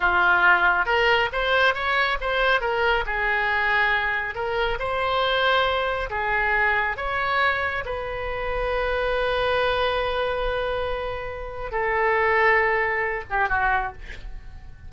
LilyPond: \new Staff \with { instrumentName = "oboe" } { \time 4/4 \tempo 4 = 138 f'2 ais'4 c''4 | cis''4 c''4 ais'4 gis'4~ | gis'2 ais'4 c''4~ | c''2 gis'2 |
cis''2 b'2~ | b'1~ | b'2. a'4~ | a'2~ a'8 g'8 fis'4 | }